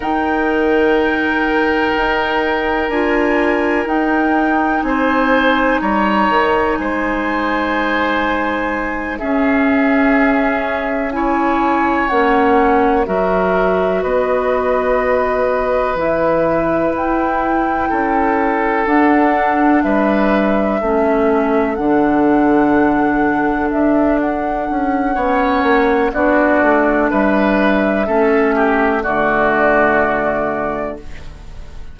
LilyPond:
<<
  \new Staff \with { instrumentName = "flute" } { \time 4/4 \tempo 4 = 62 g''2. gis''4 | g''4 gis''4 ais''4 gis''4~ | gis''4. e''2 gis''8~ | gis''8 fis''4 e''4 dis''4.~ |
dis''8 e''4 g''2 fis''8~ | fis''8 e''2 fis''4.~ | fis''8 e''8 fis''2 d''4 | e''2 d''2 | }
  \new Staff \with { instrumentName = "oboe" } { \time 4/4 ais'1~ | ais'4 c''4 cis''4 c''4~ | c''4. gis'2 cis''8~ | cis''4. ais'4 b'4.~ |
b'2~ b'8 a'4.~ | a'8 b'4 a'2~ a'8~ | a'2 cis''4 fis'4 | b'4 a'8 g'8 fis'2 | }
  \new Staff \with { instrumentName = "clarinet" } { \time 4/4 dis'2. f'4 | dis'1~ | dis'4. cis'2 e'8~ | e'8 cis'4 fis'2~ fis'8~ |
fis'8 e'2. d'8~ | d'4. cis'4 d'4.~ | d'2 cis'4 d'4~ | d'4 cis'4 a2 | }
  \new Staff \with { instrumentName = "bassoon" } { \time 4/4 dis2 dis'4 d'4 | dis'4 c'4 g8 dis8 gis4~ | gis4. cis'2~ cis'8~ | cis'8 ais4 fis4 b4.~ |
b8 e4 e'4 cis'4 d'8~ | d'8 g4 a4 d4.~ | d8 d'4 cis'8 b8 ais8 b8 a8 | g4 a4 d2 | }
>>